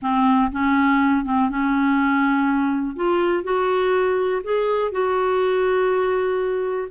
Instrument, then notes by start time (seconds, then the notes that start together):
clarinet
0.01 C4
0.51 C#4
1.25 C4
1.49 C#4
2.96 F4
3.43 F#4
4.43 G#4
4.91 F#4